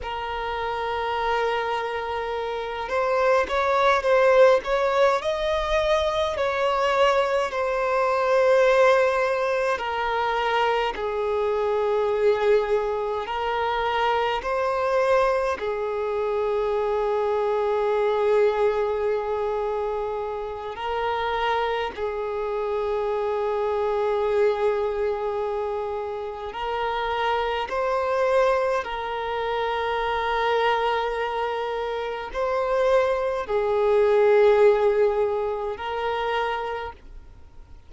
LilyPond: \new Staff \with { instrumentName = "violin" } { \time 4/4 \tempo 4 = 52 ais'2~ ais'8 c''8 cis''8 c''8 | cis''8 dis''4 cis''4 c''4.~ | c''8 ais'4 gis'2 ais'8~ | ais'8 c''4 gis'2~ gis'8~ |
gis'2 ais'4 gis'4~ | gis'2. ais'4 | c''4 ais'2. | c''4 gis'2 ais'4 | }